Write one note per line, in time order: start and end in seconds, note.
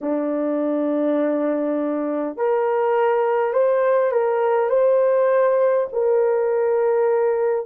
0.01 2.36 D4
2.36 3.53 A#4
3.53 4.11 C5
4.11 4.69 A#4
4.69 5.87 C5
5.92 7.65 A#4